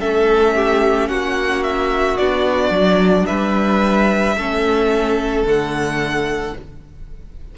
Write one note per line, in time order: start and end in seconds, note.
0.00 1.09 A3
0.00 2.18 C#4
0.00 0.55 A4
0.00 1.09 E5
0.55 1.10 G4
1.09 2.18 A#3
1.09 3.27 F#4
1.09 1.63 F#5
1.63 2.17 E5
2.17 2.70 B3
2.17 4.38 D4
2.17 3.26 D5
2.70 3.25 F#3
3.26 4.36 G3
3.26 4.36 B4
3.26 5.44 E5
4.36 5.43 A3
4.36 5.46 C#4
4.36 6.55 A4
5.43 6.52 D3
5.43 6.55 A3
5.43 6.57 F#5